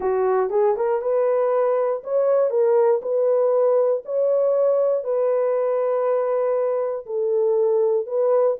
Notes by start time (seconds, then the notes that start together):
0.00 F#4
0.50 G#4
0.76 A#4
1.01 B4
2.03 C#5
2.50 A#4
3.02 B4
4.05 C#5
5.04 B4
7.06 A4
8.06 B4